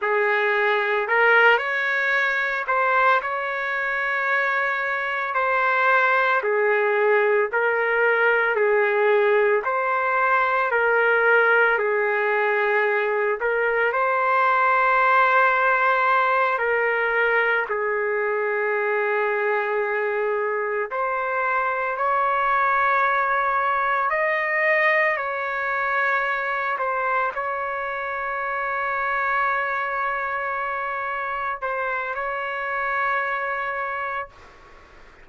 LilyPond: \new Staff \with { instrumentName = "trumpet" } { \time 4/4 \tempo 4 = 56 gis'4 ais'8 cis''4 c''8 cis''4~ | cis''4 c''4 gis'4 ais'4 | gis'4 c''4 ais'4 gis'4~ | gis'8 ais'8 c''2~ c''8 ais'8~ |
ais'8 gis'2. c''8~ | c''8 cis''2 dis''4 cis''8~ | cis''4 c''8 cis''2~ cis''8~ | cis''4. c''8 cis''2 | }